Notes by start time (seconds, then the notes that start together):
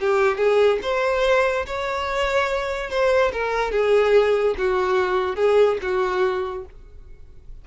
0.00 G4
0.37 G#4
0.82 C5
1.66 C#5
2.90 C5
3.32 A#4
3.71 G#4
4.58 F#4
5.36 G#4
5.82 F#4